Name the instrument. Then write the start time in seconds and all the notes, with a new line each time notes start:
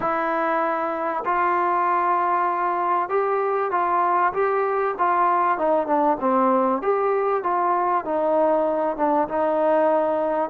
trombone
0.00 E4
1.25 F4
3.09 G4
3.71 F4
4.33 G4
4.98 F4
5.58 D#4
5.86 D4
6.20 C4
6.82 G4
7.43 F4
8.04 D#4
8.97 D4
9.28 D#4